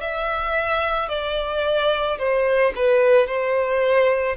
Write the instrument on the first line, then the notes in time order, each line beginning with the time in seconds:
violin
0.00 E5
1.09 D5
2.18 C5
2.75 B4
3.26 C5